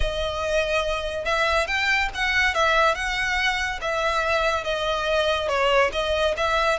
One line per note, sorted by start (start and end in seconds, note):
0.00 1.24 D#5
1.24 1.67 E5
1.67 2.09 G5
2.14 2.54 F#5
2.54 2.95 E5
2.95 3.79 F#5
3.81 4.63 E5
4.63 5.48 D#5
5.48 5.90 C#5
5.92 6.34 D#5
6.36 6.79 E5